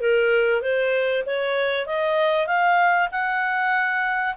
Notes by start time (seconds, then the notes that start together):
0.00 A#4
0.61 C5
1.26 C#5
1.86 D#5
2.46 F5
3.11 F#5